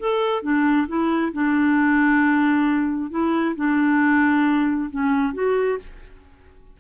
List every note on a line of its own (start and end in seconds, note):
0.00 0.43 A4
0.43 0.88 D4
0.88 1.33 E4
1.33 3.11 D4
3.11 3.56 E4
3.56 4.91 D4
4.91 5.34 C#4
5.34 5.79 F#4